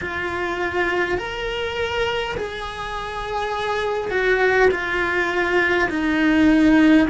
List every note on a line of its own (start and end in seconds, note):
0.01 1.18 F4
1.18 2.35 A#4
2.36 4.10 G#4
4.10 4.68 F#4
4.71 5.88 F4
5.89 7.07 D#4